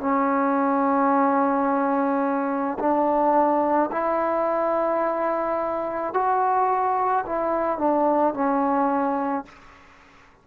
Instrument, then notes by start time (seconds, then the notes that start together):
trombone
0.00 C#4
2.79 D4
3.91 E4
6.14 F#4
7.26 E4
7.78 D4
8.34 C#4